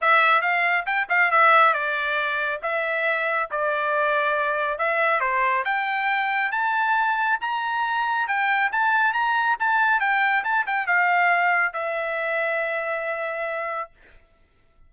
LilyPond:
\new Staff \with { instrumentName = "trumpet" } { \time 4/4 \tempo 4 = 138 e''4 f''4 g''8 f''8 e''4 | d''2 e''2 | d''2. e''4 | c''4 g''2 a''4~ |
a''4 ais''2 g''4 | a''4 ais''4 a''4 g''4 | a''8 g''8 f''2 e''4~ | e''1 | }